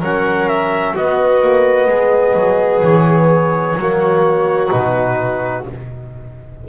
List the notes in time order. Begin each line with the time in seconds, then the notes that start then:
0.00 F#3 C#4 A#4 F#5
0.48 E5
0.94 B3 F#4 D#5
1.41 A#3
1.87 G#3 G#4
2.35 F#3
2.82 E3 C#5
3.75 F#3 A#3 F#4
4.70 B2 D#4 B4